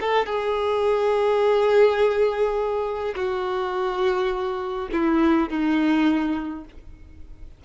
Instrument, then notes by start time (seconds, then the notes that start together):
violin
0.00 A4
0.26 G#4
3.15 F#4
4.92 E4
5.49 D#4